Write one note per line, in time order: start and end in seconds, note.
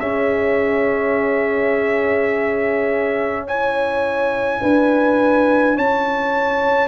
0.00 4.62 C#4
0.00 3.48 C#4
0.00 3.46 G#4
0.00 3.46 E5
3.48 6.88 E4
3.48 4.61 C#5
3.48 5.78 G#5
4.61 5.78 D4
4.61 5.76 B4
5.76 6.88 C#4
5.76 6.88 C#5
5.76 6.88 A5